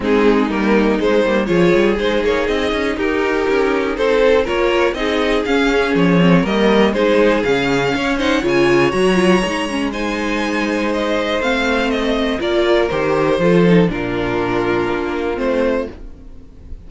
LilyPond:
<<
  \new Staff \with { instrumentName = "violin" } { \time 4/4 \tempo 4 = 121 gis'4 ais'4 c''4 cis''4 | c''8 cis''8 dis''4 ais'2 | c''4 cis''4 dis''4 f''4 | cis''4 dis''4 c''4 f''4~ |
f''8 fis''8 gis''4 ais''2 | gis''2 dis''4 f''4 | dis''4 d''4 c''2 | ais'2. c''4 | }
  \new Staff \with { instrumentName = "violin" } { \time 4/4 dis'2. gis'4~ | gis'2 g'2 | a'4 ais'4 gis'2~ | gis'4 ais'4 gis'2 |
cis''8 c''8 cis''2. | c''1~ | c''4 ais'2 a'4 | f'1 | }
  \new Staff \with { instrumentName = "viola" } { \time 4/4 c'4 ais4 gis8 ais8 f'4 | dis'1~ | dis'4 f'4 dis'4 cis'4~ | cis'8 c'8 ais4 dis'4 cis'4~ |
cis'8 dis'8 f'4 fis'8 f'8 dis'8 cis'8 | dis'2. c'4~ | c'4 f'4 g'4 f'8 dis'8 | d'2. c'4 | }
  \new Staff \with { instrumentName = "cello" } { \time 4/4 gis4 g4 gis8 g8 f8 g8 | gis8 ais8 c'8 cis'8 dis'4 cis'4 | c'4 ais4 c'4 cis'4 | f4 g4 gis4 cis4 |
cis'4 cis4 fis4 gis4~ | gis2. a4~ | a4 ais4 dis4 f4 | ais,2 ais4 a4 | }
>>